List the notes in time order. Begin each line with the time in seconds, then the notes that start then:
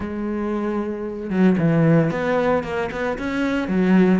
0.00 G#3
1.30 F#3
1.58 E3
2.11 B3
2.63 A#3
2.91 B3
3.18 C#4
3.68 F#3